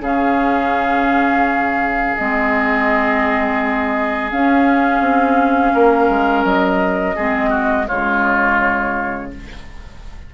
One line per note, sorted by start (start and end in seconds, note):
0.00 2.14 C#3
0.00 2.17 C#4
0.00 5.73 G#4
0.00 2.16 F5
2.16 4.31 G#3
2.16 4.30 C4
2.16 4.31 D#5
4.30 7.16 C#4
4.30 5.00 C#4
4.30 6.45 F5
5.00 5.72 C4
5.74 6.09 A#3
5.74 7.16 A#4
6.09 6.44 G#3
6.44 7.16 F#3
6.44 7.87 D#5
7.16 7.88 G#3
7.16 7.88 C4
7.16 7.50 G#4
7.50 7.85 F#4
7.87 9.34 C#3
7.87 9.31 G#3
7.87 9.30 F4
7.87 9.31 C#5